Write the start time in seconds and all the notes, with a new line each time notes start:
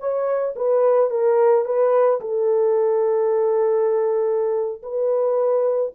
0.00 C#5
0.56 B4
1.10 A#4
1.65 B4
2.21 A4
4.83 B4